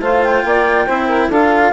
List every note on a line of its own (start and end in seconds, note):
0.00 0.43 A3
0.00 0.88 F4
0.00 0.44 C5
0.00 0.23 F5
0.23 1.31 G5
0.45 0.88 A#3
0.45 0.86 D5
0.86 1.29 C4
0.86 1.32 E4
0.86 1.07 C5
1.07 1.29 A#4
1.29 1.72 D4
1.29 1.73 F4
1.29 1.72 A4
1.29 1.73 F5